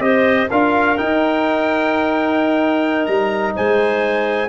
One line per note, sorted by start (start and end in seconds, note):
0.00 0.47 C4
0.00 0.48 G4
0.00 0.50 C5
0.00 0.48 D#5
0.50 0.99 D4
0.50 0.97 F4
0.50 3.55 A#4
0.50 0.97 F5
0.97 4.49 D#4
0.97 3.08 D#4
0.97 3.06 G5
3.06 3.55 G3
3.06 3.53 A#5
3.55 4.49 G#3
3.55 4.49 C5
3.55 4.49 G#5